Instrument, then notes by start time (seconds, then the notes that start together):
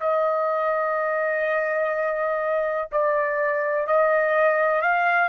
trumpet
0.00 D#5
2.92 D5
3.87 D#5
4.82 F5